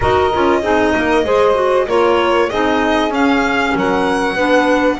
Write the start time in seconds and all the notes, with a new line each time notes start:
0.00 D#4 F#4 A#4 D#5
0.33 C#4 F4
0.62 C4 D#4 G#4
0.95 A#3 A#4
1.23 G#3 G#4 C5
1.54 F#4
1.86 A#3 F4 A#4 C#5
2.48 C4 D#4 G#4 D#5
3.10 C#4 F5
3.75 F#3 A#4 F#5
4.34 B3 D4 B4